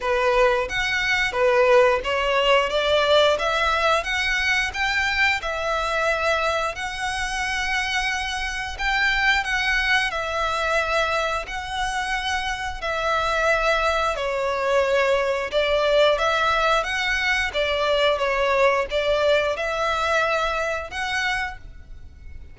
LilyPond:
\new Staff \with { instrumentName = "violin" } { \time 4/4 \tempo 4 = 89 b'4 fis''4 b'4 cis''4 | d''4 e''4 fis''4 g''4 | e''2 fis''2~ | fis''4 g''4 fis''4 e''4~ |
e''4 fis''2 e''4~ | e''4 cis''2 d''4 | e''4 fis''4 d''4 cis''4 | d''4 e''2 fis''4 | }